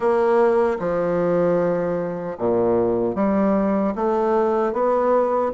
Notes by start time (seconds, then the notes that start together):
0.00 A#3
0.79 F3
2.38 A#2
3.15 G3
3.95 A3
4.73 B3